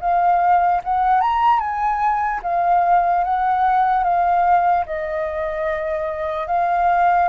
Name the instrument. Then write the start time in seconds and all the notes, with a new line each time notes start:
flute
0.00 F5
0.84 F#5
1.21 A#5
1.59 G#5
2.43 F5
3.24 F#5
4.03 F5
4.86 D#5
6.47 F5